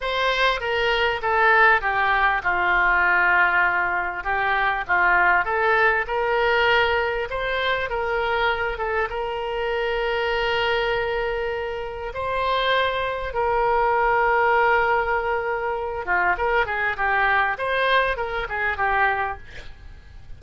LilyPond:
\new Staff \with { instrumentName = "oboe" } { \time 4/4 \tempo 4 = 99 c''4 ais'4 a'4 g'4 | f'2. g'4 | f'4 a'4 ais'2 | c''4 ais'4. a'8 ais'4~ |
ais'1 | c''2 ais'2~ | ais'2~ ais'8 f'8 ais'8 gis'8 | g'4 c''4 ais'8 gis'8 g'4 | }